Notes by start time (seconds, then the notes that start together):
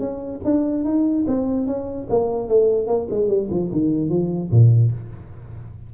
0.00 C#4
0.45 D4
0.85 D#4
1.27 C4
1.67 C#4
2.10 A#3
2.48 A3
2.87 A#3
3.11 G#3
3.29 G3
3.50 F3
3.72 D#3
4.10 F3
4.51 A#2